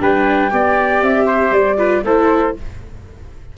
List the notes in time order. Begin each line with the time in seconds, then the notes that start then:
0.00 G3 D4 B4 G5
0.50 B3 G4 D5
1.02 C4 E5
1.26 C5
1.51 G3 D5
1.78 F4 B4
2.04 A3 E4 A4 C5